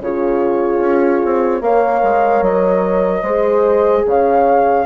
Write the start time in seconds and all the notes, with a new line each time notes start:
0.00 C#3 F4 G#4 C#5
0.79 C#4
1.25 C4
1.61 A#3 A#4 C#5 F5
2.03 G#3
2.41 F#3 D#5
3.22 G#3 G#4 C5
4.06 C#3 C#5 F5